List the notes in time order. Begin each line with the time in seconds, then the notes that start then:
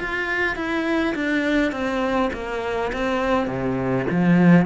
0.00 F4
0.56 E4
1.15 D4
1.72 C4
2.33 A#3
2.93 C4
3.47 C3
4.11 F3